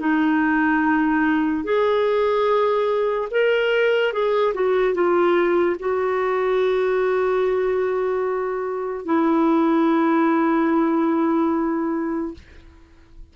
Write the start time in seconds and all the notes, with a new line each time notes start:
0.00 D#4
1.64 G#4
3.31 A#4
4.13 G#4
4.54 F#4
4.95 F4
5.79 F#4
9.06 E4